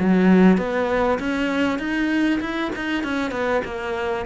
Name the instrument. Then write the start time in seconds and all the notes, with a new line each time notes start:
cello
0.00 F#3
0.58 B3
1.19 C#4
1.79 D#4
2.41 E4
2.76 D#4
3.04 C#4
3.31 B3
3.65 A#3